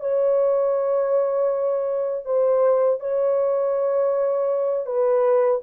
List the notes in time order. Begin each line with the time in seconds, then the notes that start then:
0.00 C#5
2.25 C5
3.00 C#5
4.86 B4